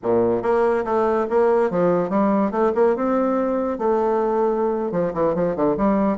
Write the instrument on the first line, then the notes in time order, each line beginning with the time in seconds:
bassoon
0.02 A#2
0.42 A#3
0.84 A3
1.29 A#3
1.70 F3
2.09 G3
2.51 A3
2.74 A#3
2.95 C4
3.78 A3
4.91 F3
5.13 E3
5.35 F3
5.56 D3
5.77 G3